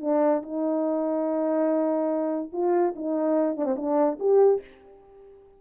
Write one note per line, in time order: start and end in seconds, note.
0.00 0.42 D4
0.42 2.51 D#4
2.52 2.94 F4
2.95 3.56 D#4
3.56 3.65 D4
3.65 3.75 C4
3.76 4.18 D4
4.19 4.61 G4